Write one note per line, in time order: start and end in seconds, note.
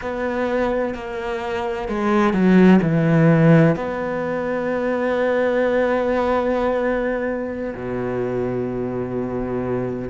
0.01 0.94 B3
0.94 1.88 A#3
1.88 2.33 G#3
2.33 2.80 F#3
2.81 3.75 E3
3.75 7.73 B3
7.74 10.09 B2